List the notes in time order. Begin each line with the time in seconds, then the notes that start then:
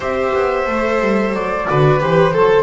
0.00 C4 G4 C5 E5
0.33 B3
0.66 A3 A4
1.00 G3
1.33 F#3 D5
1.67 D3 F#4 B4
1.99 E3 G4 C5
2.33 F#3 A4